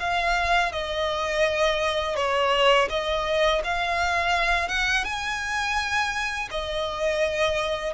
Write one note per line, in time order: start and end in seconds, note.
0.00 0.72 F5
0.73 2.17 D#5
2.17 2.89 C#5
2.90 3.62 D#5
3.64 4.69 F5
4.69 5.05 F#5
5.05 6.49 G#5
6.51 7.94 D#5